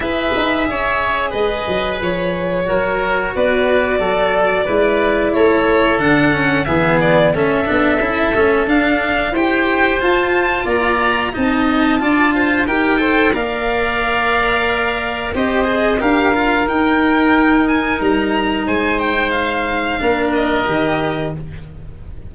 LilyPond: <<
  \new Staff \with { instrumentName = "violin" } { \time 4/4 \tempo 4 = 90 e''2 dis''4 cis''4~ | cis''4 d''2. | cis''4 fis''4 e''8 d''8 e''4~ | e''4 f''4 g''4 a''4 |
ais''4 a''2 g''4 | f''2. dis''4 | f''4 g''4. gis''8 ais''4 | gis''8 g''8 f''4. dis''4. | }
  \new Staff \with { instrumentName = "oboe" } { \time 4/4 b'4 cis''4 b'2 | ais'4 b'4 a'4 b'4 | a'2 gis'4 a'4~ | a'2 c''2 |
d''4 dis''4 d''8 c''8 ais'8 c''8 | d''2. c''4 | ais'1 | c''2 ais'2 | }
  \new Staff \with { instrumentName = "cello" } { \time 4/4 gis'1 | fis'2. e'4~ | e'4 d'8 cis'8 b4 cis'8 d'8 | e'8 cis'8 d'4 g'4 f'4~ |
f'4 dis'4 f'4 g'8 a'8 | ais'2. g'8 gis'8 | g'8 f'8 dis'2.~ | dis'2 d'4 g'4 | }
  \new Staff \with { instrumentName = "tuba" } { \time 4/4 e'8 dis'8 cis'4 gis8 fis8 f4 | fis4 b4 fis4 gis4 | a4 d4 e4 a8 b8 | cis'8 a8 d'4 e'4 f'4 |
ais4 c'4 d'4 dis'4 | ais2. c'4 | d'4 dis'2 g4 | gis2 ais4 dis4 | }
>>